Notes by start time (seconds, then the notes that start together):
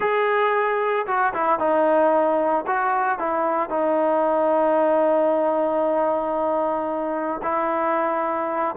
0.00 G#4
1.06 F#4
1.34 E4
1.59 D#4
2.66 F#4
3.18 E4
3.69 D#4
7.42 E4